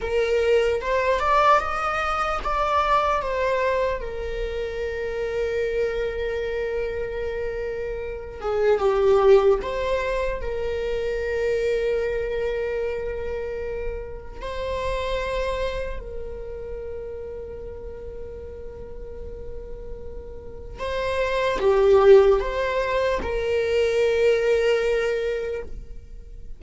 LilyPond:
\new Staff \with { instrumentName = "viola" } { \time 4/4 \tempo 4 = 75 ais'4 c''8 d''8 dis''4 d''4 | c''4 ais'2.~ | ais'2~ ais'8 gis'8 g'4 | c''4 ais'2.~ |
ais'2 c''2 | ais'1~ | ais'2 c''4 g'4 | c''4 ais'2. | }